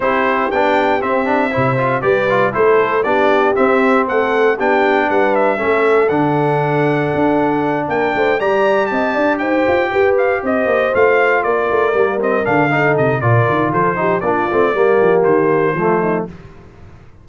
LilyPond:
<<
  \new Staff \with { instrumentName = "trumpet" } { \time 4/4 \tempo 4 = 118 c''4 g''4 e''2 | d''4 c''4 d''4 e''4 | fis''4 g''4 fis''8 e''4. | fis''2.~ fis''8 g''8~ |
g''8 ais''4 a''4 g''4. | f''8 dis''4 f''4 d''4. | dis''8 f''4 dis''8 d''4 c''4 | d''2 c''2 | }
  \new Staff \with { instrumentName = "horn" } { \time 4/4 g'2. c''4 | b'4 a'4 g'2 | a'4 g'4 b'4 a'4~ | a'2.~ a'8 ais'8 |
c''8 d''4 dis''8 d''8 c''4 b'8~ | b'8 c''2 ais'4.~ | ais'4 a'4 ais'4 a'8 g'8 | f'4 g'2 f'8 dis'8 | }
  \new Staff \with { instrumentName = "trombone" } { \time 4/4 e'4 d'4 c'8 d'8 e'8 f'8 | g'8 f'8 e'4 d'4 c'4~ | c'4 d'2 cis'4 | d'1~ |
d'8 g'2.~ g'8~ | g'4. f'2 ais8 | c'8 d'8 dis'4 f'4. dis'8 | d'8 c'8 ais2 a4 | }
  \new Staff \with { instrumentName = "tuba" } { \time 4/4 c'4 b4 c'4 c4 | g4 a4 b4 c'4 | a4 b4 g4 a4 | d2 d'4. ais8 |
a8 g4 c'8 d'8 dis'8 f'8 g'8~ | g'8 c'8 ais8 a4 ais8 a8 g8~ | g8 d4 c8 ais,8 dis8 f4 | ais8 a8 g8 f8 dis4 f4 | }
>>